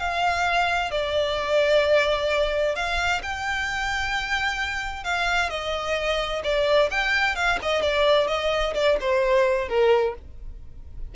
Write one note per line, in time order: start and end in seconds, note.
0.00 0.91 F5
0.91 2.76 D5
2.76 3.22 F5
3.23 5.04 G5
5.04 5.50 F5
5.50 6.43 D#5
6.44 6.90 D5
6.91 7.36 G5
7.36 7.59 F5
7.62 7.82 D#5
7.82 8.28 D5
8.28 8.74 D#5
8.75 8.98 D5
9.01 9.69 C5
9.69 10.15 A#4